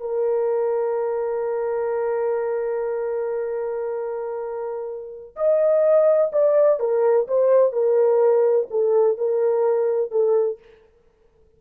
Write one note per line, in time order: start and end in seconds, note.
0.00 5.36 A#4
5.36 6.31 D#5
6.32 6.79 D5
6.79 7.27 A#4
7.28 7.73 C5
7.73 8.68 A#4
8.70 9.18 A4
9.18 10.11 A#4
10.11 10.59 A4